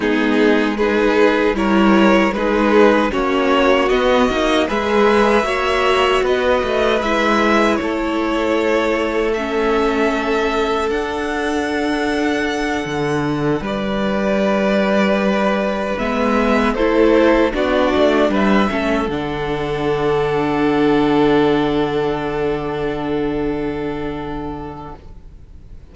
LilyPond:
<<
  \new Staff \with { instrumentName = "violin" } { \time 4/4 \tempo 4 = 77 gis'4 b'4 cis''4 b'4 | cis''4 dis''4 e''2 | dis''4 e''4 cis''2 | e''2 fis''2~ |
fis''4. d''2~ d''8~ | d''8 e''4 c''4 d''4 e''8~ | e''8 fis''2.~ fis''8~ | fis''1 | }
  \new Staff \with { instrumentName = "violin" } { \time 4/4 dis'4 gis'4 ais'4 gis'4 | fis'2 b'4 cis''4 | b'2 a'2~ | a'1~ |
a'4. b'2~ b'8~ | b'4. a'4 fis'4 b'8 | a'1~ | a'1 | }
  \new Staff \with { instrumentName = "viola" } { \time 4/4 b4 dis'4 e'4 dis'4 | cis'4 b8 dis'8 gis'4 fis'4~ | fis'4 e'2. | cis'2 d'2~ |
d'1~ | d'8 b4 e'4 d'4. | cis'8 d'2.~ d'8~ | d'1 | }
  \new Staff \with { instrumentName = "cello" } { \time 4/4 gis2 g4 gis4 | ais4 b8 ais8 gis4 ais4 | b8 a8 gis4 a2~ | a2 d'2~ |
d'8 d4 g2~ g8~ | g8 gis4 a4 b8 a8 g8 | a8 d2.~ d8~ | d1 | }
>>